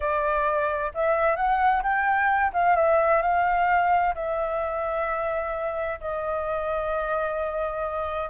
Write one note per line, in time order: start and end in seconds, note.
0.00 0.92 D5
0.94 1.36 E5
1.36 1.82 F#5
1.83 2.52 G5
2.53 2.76 F5
2.76 3.22 E5
3.22 4.14 F5
4.14 5.99 E5
6.00 8.29 D#5